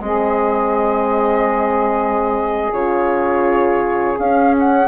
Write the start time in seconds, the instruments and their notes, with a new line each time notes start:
0.00 bassoon G#3, horn C4, saxophone G#4, flute D#5
2.72 bassoon C#3, horn F4, flute C#5
4.19 bassoon C#4, horn C#4, flute F5
4.59 flute F#5